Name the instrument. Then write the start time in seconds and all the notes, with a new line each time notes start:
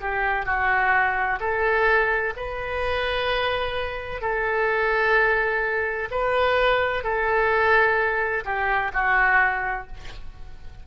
oboe
0.00 G4
0.46 F#4
1.40 A4
2.37 B4
4.21 A4
6.11 B4
7.04 A4
8.45 G4
8.93 F#4